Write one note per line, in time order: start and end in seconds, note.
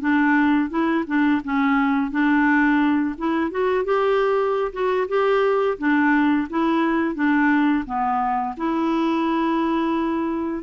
0.00 0.69 D4
0.69 1.04 E4
1.07 1.42 D4
1.44 2.11 C#4
2.11 3.16 D4
3.17 3.51 E4
3.51 3.84 F#4
3.84 4.72 G4
4.73 5.07 F#4
5.08 5.77 G4
5.78 6.48 D4
6.49 7.15 E4
7.15 7.85 D4
7.86 8.55 B3
8.57 10.63 E4